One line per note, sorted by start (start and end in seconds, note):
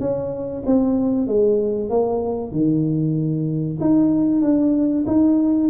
0.00 0.63 C#4
0.66 1.27 C4
1.27 1.90 G#3
1.90 2.52 A#3
2.52 3.78 D#3
3.80 4.42 D#4
4.42 5.05 D4
5.07 5.70 D#4